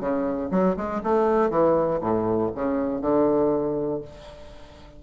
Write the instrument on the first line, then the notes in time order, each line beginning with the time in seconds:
bassoon
0.00 C#3
0.51 F#3
0.76 G#3
1.04 A3
1.50 E3
2.01 A2
2.55 C#3
3.01 D3